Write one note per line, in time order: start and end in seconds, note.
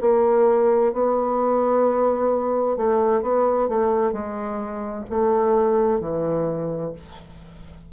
0.00 0.92 A#3
0.92 2.77 B3
2.77 3.22 A3
3.22 3.68 B3
3.68 4.12 A3
4.12 5.04 G#3
5.09 6.00 A3
6.00 6.92 E3